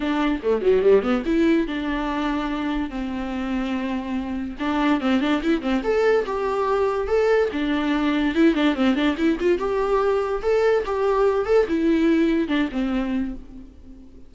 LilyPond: \new Staff \with { instrumentName = "viola" } { \time 4/4 \tempo 4 = 144 d'4 a8 fis8 g8 b8 e'4 | d'2. c'4~ | c'2. d'4 | c'8 d'8 e'8 c'8 a'4 g'4~ |
g'4 a'4 d'2 | e'8 d'8 c'8 d'8 e'8 f'8 g'4~ | g'4 a'4 g'4. a'8 | e'2 d'8 c'4. | }